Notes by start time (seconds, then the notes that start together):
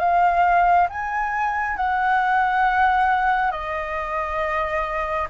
0.00 F5
0.89 G#5
1.77 F#5
3.52 D#5